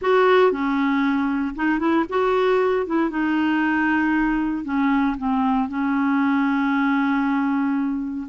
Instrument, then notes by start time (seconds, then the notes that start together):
clarinet
0.01 F#4
0.51 C#4
1.55 D#4
1.79 E4
2.09 F#4
2.86 E4
3.09 D#4
4.64 C#4
5.17 C4
5.68 C#4